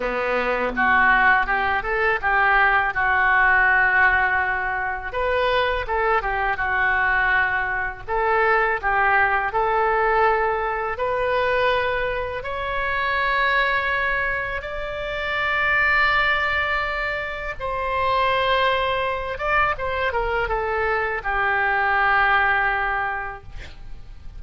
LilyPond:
\new Staff \with { instrumentName = "oboe" } { \time 4/4 \tempo 4 = 82 b4 fis'4 g'8 a'8 g'4 | fis'2. b'4 | a'8 g'8 fis'2 a'4 | g'4 a'2 b'4~ |
b'4 cis''2. | d''1 | c''2~ c''8 d''8 c''8 ais'8 | a'4 g'2. | }